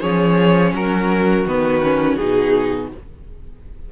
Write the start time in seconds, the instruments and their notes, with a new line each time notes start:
0.00 cello F3, viola C#4, violin G#4 C#5
0.72 cello F#3, violin F#4 A#4
1.45 cello D#3, viola B3, violin B4
1.82 viola C#4
2.16 cello B2, viola D#4, violin G#4